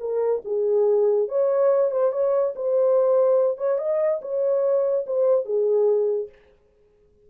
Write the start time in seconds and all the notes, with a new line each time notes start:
0.00 A#4
0.45 G#4
1.28 C#5
1.91 C5
2.12 C#5
2.56 C5
3.57 C#5
3.78 D#5
4.22 C#5
5.07 C5
5.45 G#4